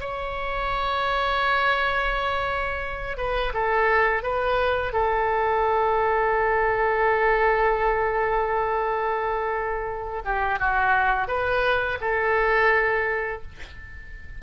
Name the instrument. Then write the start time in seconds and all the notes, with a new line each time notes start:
oboe
0.00 C#5
3.17 B4
3.53 A4
4.23 B4
4.93 A4
10.25 G4
10.59 F#4
11.27 B4
12.01 A4